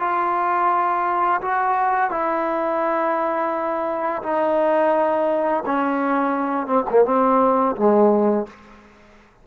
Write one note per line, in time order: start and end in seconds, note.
0.00 1.41 F4
1.41 2.11 F#4
2.11 4.23 E4
4.23 5.64 D#4
5.66 6.67 C#4
6.67 6.84 C4
6.90 7.05 A#3
7.05 7.76 C4
7.76 8.47 G#3